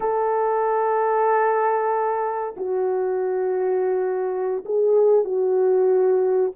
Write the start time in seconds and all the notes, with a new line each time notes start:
0.00 A4
2.56 F#4
4.65 G#4
5.24 F#4